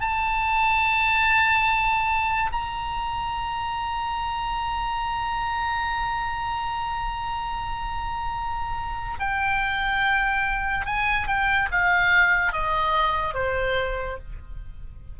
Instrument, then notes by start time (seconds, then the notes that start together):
oboe
0.00 A5
2.52 A#5
9.19 G5
10.85 G#5
11.27 G5
11.71 F5
12.52 D#5
13.34 C5